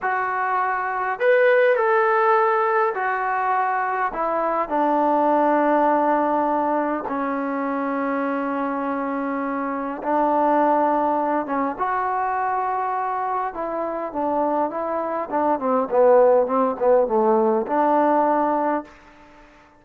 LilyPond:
\new Staff \with { instrumentName = "trombone" } { \time 4/4 \tempo 4 = 102 fis'2 b'4 a'4~ | a'4 fis'2 e'4 | d'1 | cis'1~ |
cis'4 d'2~ d'8 cis'8 | fis'2. e'4 | d'4 e'4 d'8 c'8 b4 | c'8 b8 a4 d'2 | }